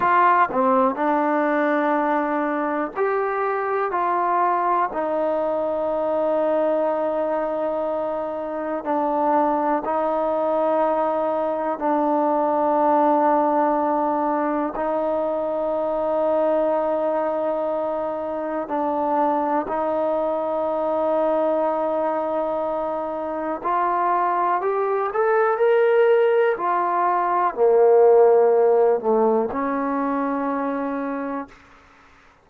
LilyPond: \new Staff \with { instrumentName = "trombone" } { \time 4/4 \tempo 4 = 61 f'8 c'8 d'2 g'4 | f'4 dis'2.~ | dis'4 d'4 dis'2 | d'2. dis'4~ |
dis'2. d'4 | dis'1 | f'4 g'8 a'8 ais'4 f'4 | ais4. a8 cis'2 | }